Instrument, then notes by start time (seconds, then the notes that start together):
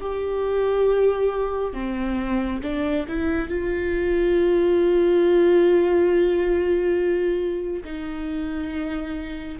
viola
0.00 G4
1.73 C4
2.62 D4
3.08 E4
3.48 F4
7.84 D#4